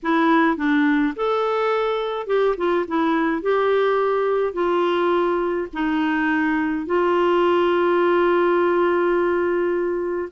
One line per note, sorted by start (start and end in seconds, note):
0.03 0.56 E4
0.56 1.14 D4
1.16 2.26 A4
2.26 2.55 G4
2.57 2.85 F4
2.87 3.42 E4
3.42 4.53 G4
4.53 5.67 F4
5.73 6.86 D#4
6.86 10.29 F4